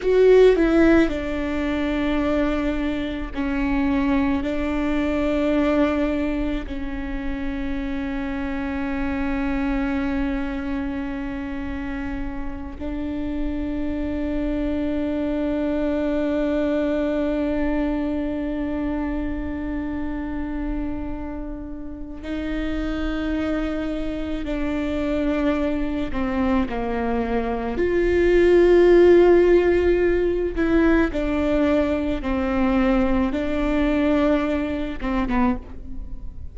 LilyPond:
\new Staff \with { instrumentName = "viola" } { \time 4/4 \tempo 4 = 54 fis'8 e'8 d'2 cis'4 | d'2 cis'2~ | cis'2.~ cis'8 d'8~ | d'1~ |
d'1 | dis'2 d'4. c'8 | ais4 f'2~ f'8 e'8 | d'4 c'4 d'4. c'16 b16 | }